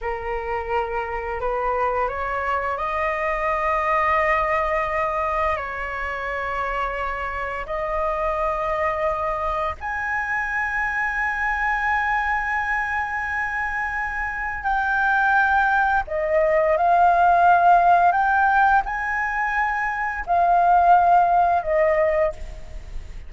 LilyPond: \new Staff \with { instrumentName = "flute" } { \time 4/4 \tempo 4 = 86 ais'2 b'4 cis''4 | dis''1 | cis''2. dis''4~ | dis''2 gis''2~ |
gis''1~ | gis''4 g''2 dis''4 | f''2 g''4 gis''4~ | gis''4 f''2 dis''4 | }